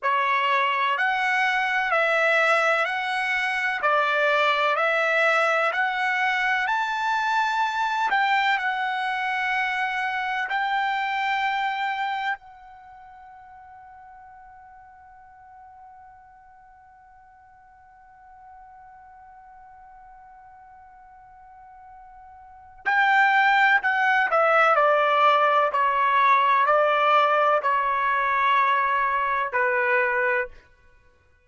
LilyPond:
\new Staff \with { instrumentName = "trumpet" } { \time 4/4 \tempo 4 = 63 cis''4 fis''4 e''4 fis''4 | d''4 e''4 fis''4 a''4~ | a''8 g''8 fis''2 g''4~ | g''4 fis''2.~ |
fis''1~ | fis''1 | g''4 fis''8 e''8 d''4 cis''4 | d''4 cis''2 b'4 | }